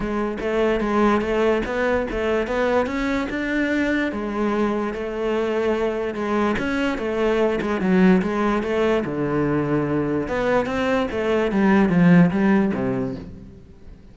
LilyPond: \new Staff \with { instrumentName = "cello" } { \time 4/4 \tempo 4 = 146 gis4 a4 gis4 a4 | b4 a4 b4 cis'4 | d'2 gis2 | a2. gis4 |
cis'4 a4. gis8 fis4 | gis4 a4 d2~ | d4 b4 c'4 a4 | g4 f4 g4 c4 | }